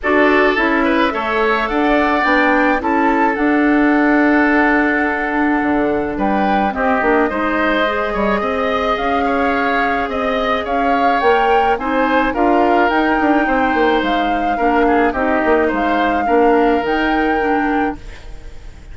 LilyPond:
<<
  \new Staff \with { instrumentName = "flute" } { \time 4/4 \tempo 4 = 107 d''4 e''2 fis''4 | g''4 a''4 fis''2~ | fis''2. g''4 | dis''1 |
f''2 dis''4 f''4 | g''4 gis''4 f''4 g''4~ | g''4 f''2 dis''4 | f''2 g''2 | }
  \new Staff \with { instrumentName = "oboe" } { \time 4/4 a'4. b'8 cis''4 d''4~ | d''4 a'2.~ | a'2. b'4 | g'4 c''4. cis''8 dis''4~ |
dis''8 cis''4. dis''4 cis''4~ | cis''4 c''4 ais'2 | c''2 ais'8 gis'8 g'4 | c''4 ais'2. | }
  \new Staff \with { instrumentName = "clarinet" } { \time 4/4 fis'4 e'4 a'2 | d'4 e'4 d'2~ | d'1 | c'8 d'8 dis'4 gis'2~ |
gis'1 | ais'4 dis'4 f'4 dis'4~ | dis'2 d'4 dis'4~ | dis'4 d'4 dis'4 d'4 | }
  \new Staff \with { instrumentName = "bassoon" } { \time 4/4 d'4 cis'4 a4 d'4 | b4 cis'4 d'2~ | d'2 d4 g4 | c'8 ais8 gis4. g8 c'4 |
cis'2 c'4 cis'4 | ais4 c'4 d'4 dis'8 d'8 | c'8 ais8 gis4 ais4 c'8 ais8 | gis4 ais4 dis2 | }
>>